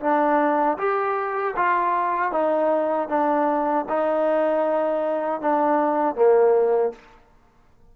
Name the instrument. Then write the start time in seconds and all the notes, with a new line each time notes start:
trombone
0.00 D4
0.78 G4
1.56 F4
2.31 D#4
3.08 D4
3.88 D#4
5.41 D4
6.15 A#3